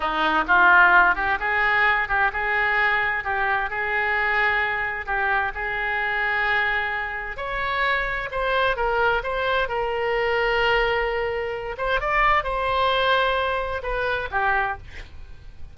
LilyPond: \new Staff \with { instrumentName = "oboe" } { \time 4/4 \tempo 4 = 130 dis'4 f'4. g'8 gis'4~ | gis'8 g'8 gis'2 g'4 | gis'2. g'4 | gis'1 |
cis''2 c''4 ais'4 | c''4 ais'2.~ | ais'4. c''8 d''4 c''4~ | c''2 b'4 g'4 | }